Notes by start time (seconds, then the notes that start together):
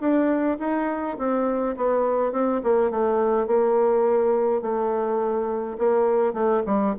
0.00 D4
0.59 D#4
1.18 C4
1.76 B3
2.32 C4
2.63 A#3
2.91 A3
3.47 A#3
4.62 A3
5.78 A#3
6.33 A3
6.66 G3